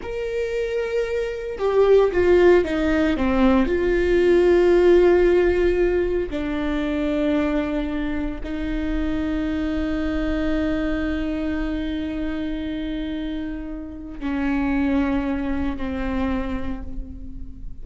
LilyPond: \new Staff \with { instrumentName = "viola" } { \time 4/4 \tempo 4 = 114 ais'2. g'4 | f'4 dis'4 c'4 f'4~ | f'1 | d'1 |
dis'1~ | dis'1~ | dis'2. cis'4~ | cis'2 c'2 | }